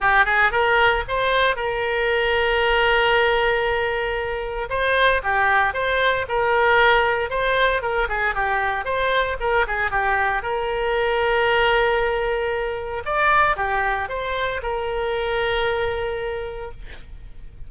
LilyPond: \new Staff \with { instrumentName = "oboe" } { \time 4/4 \tempo 4 = 115 g'8 gis'8 ais'4 c''4 ais'4~ | ais'1~ | ais'4 c''4 g'4 c''4 | ais'2 c''4 ais'8 gis'8 |
g'4 c''4 ais'8 gis'8 g'4 | ais'1~ | ais'4 d''4 g'4 c''4 | ais'1 | }